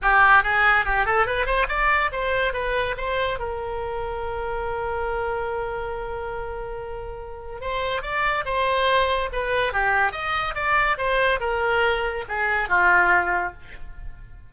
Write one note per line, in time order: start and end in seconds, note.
0.01 0.43 G4
0.43 0.85 G#4
0.85 1.05 G4
1.05 1.26 A4
1.26 1.45 B4
1.45 1.67 C5
1.68 2.10 D5
2.11 2.53 C5
2.53 2.95 B4
2.97 3.39 C5
3.39 7.61 A#4
7.61 8.02 C5
8.02 8.44 D5
8.45 9.29 C5
9.32 9.72 B4
9.72 10.12 G4
10.12 10.54 D#5
10.54 10.97 D5
10.97 11.39 C5
11.40 12.24 A#4
12.28 12.68 G#4
12.68 13.53 F4